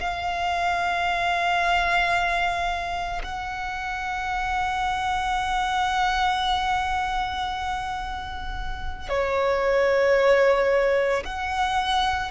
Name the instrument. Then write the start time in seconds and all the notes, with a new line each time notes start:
violin
0.00 F5
3.23 F#5
9.09 C#5
11.24 F#5